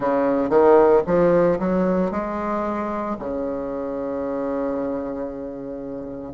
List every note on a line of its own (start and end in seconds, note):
0.00 0.49 C#3
0.49 1.02 D#3
1.06 1.58 F3
1.59 2.11 F#3
2.11 3.16 G#3
3.19 6.33 C#3